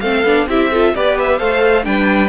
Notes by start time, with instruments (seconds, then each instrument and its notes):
0.00 cello A3, viola C4, violin A4 F5
0.24 cello B3, viola D4
0.46 cello C4, viola E4, violin G4 E5
0.71 viola F4, violin A4
0.95 cello B3, viola G4, violin B4 D5
1.19 violin E5
1.38 cello A3, viola A4, violin C5 F5
1.83 cello G3, viola D4, violin B4 G5